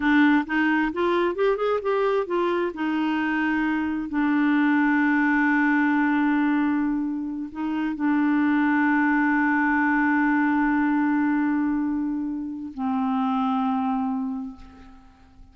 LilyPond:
\new Staff \with { instrumentName = "clarinet" } { \time 4/4 \tempo 4 = 132 d'4 dis'4 f'4 g'8 gis'8 | g'4 f'4 dis'2~ | dis'4 d'2.~ | d'1~ |
d'8 dis'4 d'2~ d'8~ | d'1~ | d'1 | c'1 | }